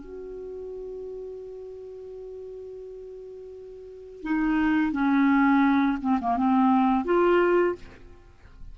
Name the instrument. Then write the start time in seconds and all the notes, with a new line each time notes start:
clarinet
0.00 F#4
4.22 D#4
4.92 C#4
6.01 C4
6.21 A#3
6.37 C4
7.05 F4